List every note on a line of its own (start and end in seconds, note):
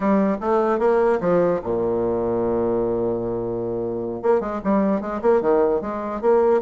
0.00 0.37 G3
0.40 0.79 A3
0.79 1.19 A#3
1.20 1.60 F3
1.63 4.22 A#2
4.22 4.40 A#3
4.40 4.60 G#3
4.64 5.00 G3
5.00 5.20 G#3
5.21 5.41 A#3
5.41 5.81 D#3
5.81 6.21 G#3
6.21 6.61 A#3